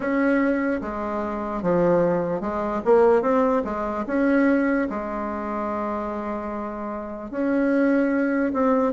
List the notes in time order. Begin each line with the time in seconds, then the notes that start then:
0.00 C#4
0.81 G#3
1.62 F3
2.41 G#3
2.84 A#3
3.22 C4
3.64 G#3
4.07 C#4
4.89 G#3
7.30 C#4
8.53 C4